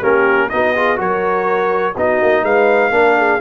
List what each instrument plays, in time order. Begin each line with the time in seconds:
0.00 tuba A#3, trombone C#4, horn G4, trumpet A#4
0.50 tuba B3, trombone D#4, horn F#4, trumpet D#5
0.76 trombone F4, horn G#4
0.97 tuba F#3, trombone F#4, horn A#4, trumpet C#5
1.96 tuba B3, trombone D#4, horn F#4, trumpet D#5
2.22 tuba A#3
2.43 tuba G#3, horn B4, trumpet F5
2.91 tuba A#3, trombone D4, horn A#4
3.17 horn G#4